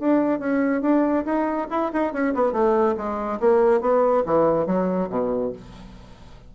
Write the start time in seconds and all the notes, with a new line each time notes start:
0.00 D4
0.40 C#4
0.82 D4
1.26 D#4
1.71 E4
1.93 D#4
2.13 C#4
2.35 B3
2.53 A3
2.98 G#3
3.41 A#3
3.81 B3
4.26 E3
4.67 F#3
5.10 B2